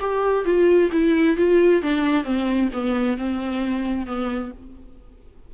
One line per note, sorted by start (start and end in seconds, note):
0.00 0.45 G4
0.45 0.90 F4
0.92 1.37 E4
1.37 1.83 F4
1.83 2.24 D4
2.24 2.69 C4
2.73 3.17 B3
3.17 4.07 C4
4.07 4.52 B3